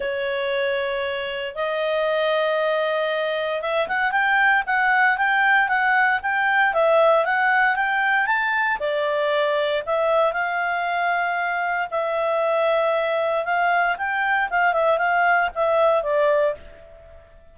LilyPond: \new Staff \with { instrumentName = "clarinet" } { \time 4/4 \tempo 4 = 116 cis''2. dis''4~ | dis''2. e''8 fis''8 | g''4 fis''4 g''4 fis''4 | g''4 e''4 fis''4 g''4 |
a''4 d''2 e''4 | f''2. e''4~ | e''2 f''4 g''4 | f''8 e''8 f''4 e''4 d''4 | }